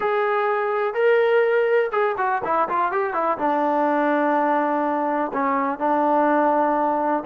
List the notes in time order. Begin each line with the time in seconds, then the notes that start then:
0.00 G#4
0.94 A#4
1.92 G#4
2.17 F#4
2.44 E4
2.68 F4
2.91 G4
3.13 E4
3.38 D4
5.33 C#4
5.78 D4